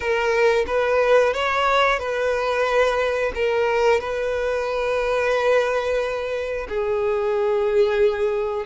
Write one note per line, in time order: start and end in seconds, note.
0.00 0.65 A#4
0.66 1.33 B4
1.33 1.99 C#5
1.99 3.32 B4
3.34 4.00 A#4
4.00 6.67 B4
6.68 8.65 G#4